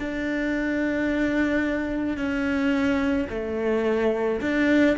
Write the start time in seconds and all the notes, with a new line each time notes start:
0.00 D4
2.17 C#4
3.30 A3
4.41 D4